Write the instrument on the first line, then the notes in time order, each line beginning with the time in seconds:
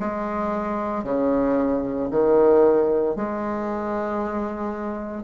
bassoon
0.00 G#3
1.04 C#3
2.11 D#3
3.16 G#3